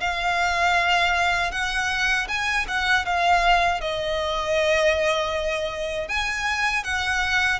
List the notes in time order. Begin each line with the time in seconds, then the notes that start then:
0.00 F5
1.52 F#5
2.28 G#5
2.68 F#5
3.05 F5
3.81 D#5
6.08 G#5
6.84 F#5